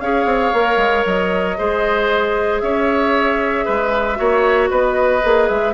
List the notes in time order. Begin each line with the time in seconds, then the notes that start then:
0.00 C#4 G#4 C#5 F5
0.25 C4
0.53 A#3 A#4
0.77 G#3
1.05 F#3 D#5
1.57 G#3 G#4 C5
2.60 C#4 C#5 E5
3.65 G#3 B4
4.16 A#3 F#4 C#5
4.70 B3 B4 D#5
5.23 A#3 G#4
5.48 G#3 E5